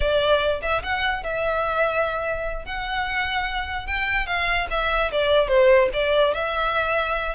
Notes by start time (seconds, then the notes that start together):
0.00 D5
0.61 E5
0.82 F#5
1.23 E5
2.65 F#5
3.87 G5
4.26 F5
4.70 E5
5.11 D5
5.48 C5
5.93 D5
6.34 E5